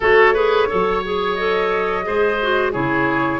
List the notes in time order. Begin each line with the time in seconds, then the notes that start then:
0.00 A3 F#4 A4 C#5
0.34 G#4 B4
0.68 F#3 A4 C#5
1.04 G#4
1.35 A4 D#5
2.02 G#3 G#4 C5
2.41 F#4
2.72 C#3 E4 G#4 C#5